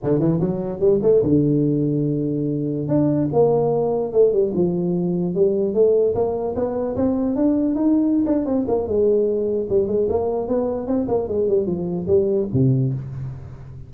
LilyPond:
\new Staff \with { instrumentName = "tuba" } { \time 4/4 \tempo 4 = 149 d8 e8 fis4 g8 a8 d4~ | d2.~ d16 d'8.~ | d'16 ais2 a8 g8 f8.~ | f4~ f16 g4 a4 ais8.~ |
ais16 b4 c'4 d'4 dis'8.~ | dis'8 d'8 c'8 ais8 gis2 | g8 gis8 ais4 b4 c'8 ais8 | gis8 g8 f4 g4 c4 | }